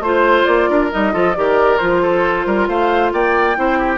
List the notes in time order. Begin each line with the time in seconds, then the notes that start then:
0.00 A3 F4 C5
0.46 A#3 D5
0.70 D4 A#4
0.92 G3 D#4 D#5
1.13 F3 F4 A4
1.36 D#3 G4 A#4 D5
1.79 F3 F4 C5
2.03 A4
2.46 G3 A#4
2.68 A3 C5 F5
3.13 A#3 D5 G5
3.56 C4 E4 C5
3.79 G4